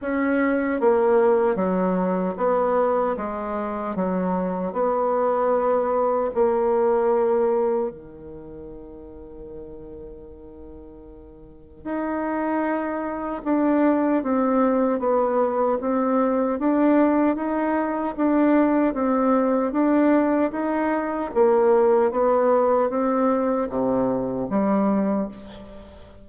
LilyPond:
\new Staff \with { instrumentName = "bassoon" } { \time 4/4 \tempo 4 = 76 cis'4 ais4 fis4 b4 | gis4 fis4 b2 | ais2 dis2~ | dis2. dis'4~ |
dis'4 d'4 c'4 b4 | c'4 d'4 dis'4 d'4 | c'4 d'4 dis'4 ais4 | b4 c'4 c4 g4 | }